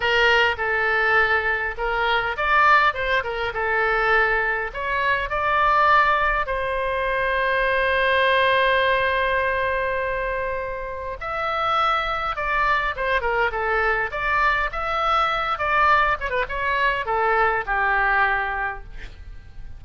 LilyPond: \new Staff \with { instrumentName = "oboe" } { \time 4/4 \tempo 4 = 102 ais'4 a'2 ais'4 | d''4 c''8 ais'8 a'2 | cis''4 d''2 c''4~ | c''1~ |
c''2. e''4~ | e''4 d''4 c''8 ais'8 a'4 | d''4 e''4. d''4 cis''16 b'16 | cis''4 a'4 g'2 | }